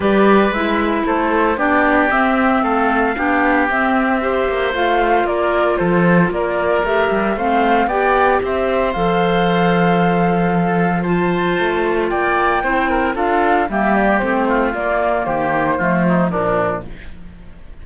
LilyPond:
<<
  \new Staff \with { instrumentName = "flute" } { \time 4/4 \tempo 4 = 114 d''4 e''4 c''4 d''4 | e''4 f''2 e''4~ | e''4 f''4 d''4 c''4 | d''4 e''4 f''4 g''4 |
e''4 f''2.~ | f''4 a''2 g''4~ | g''4 f''4 e''8 d''8 c''4 | d''4 c''2 ais'4 | }
  \new Staff \with { instrumentName = "oboe" } { \time 4/4 b'2 a'4 g'4~ | g'4 a'4 g'2 | c''2 ais'4 a'4 | ais'2 c''4 d''4 |
c''1 | a'4 c''2 d''4 | c''8 ais'8 a'4 g'4. f'8~ | f'4 g'4 f'8 dis'8 d'4 | }
  \new Staff \with { instrumentName = "clarinet" } { \time 4/4 g'4 e'2 d'4 | c'2 d'4 c'4 | g'4 f'2.~ | f'4 g'4 c'4 g'4~ |
g'4 a'2.~ | a'4 f'2. | e'4 f'4 ais4 c'4 | ais2 a4 f4 | }
  \new Staff \with { instrumentName = "cello" } { \time 4/4 g4 gis4 a4 b4 | c'4 a4 b4 c'4~ | c'8 ais8 a4 ais4 f4 | ais4 a8 g8 a4 b4 |
c'4 f2.~ | f2 a4 ais4 | c'4 d'4 g4 a4 | ais4 dis4 f4 ais,4 | }
>>